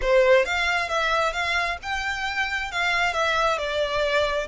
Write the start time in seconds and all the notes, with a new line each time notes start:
0.01 C5
0.45 F5
0.88 E5
1.32 F5
1.82 G5
2.71 F5
3.13 E5
3.58 D5